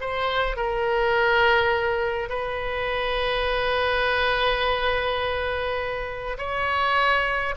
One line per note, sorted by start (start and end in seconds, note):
0.00 0.56 C5
0.56 2.29 A#4
2.29 6.37 B4
6.38 7.54 C#5